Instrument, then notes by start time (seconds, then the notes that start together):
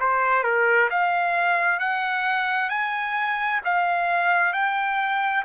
trumpet
0.00 C5
0.44 A#4
0.90 F5
1.80 F#5
2.70 G#5
3.65 F5
4.53 G5